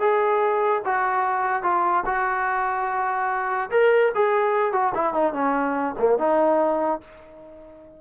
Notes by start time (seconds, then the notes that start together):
0.00 G#4
0.85 F#4
1.63 F4
2.06 F#4
3.71 A#4
4.15 G#4
4.73 F#4
4.94 E4
5.14 D#4
5.33 C#4
5.99 A#3
6.19 D#4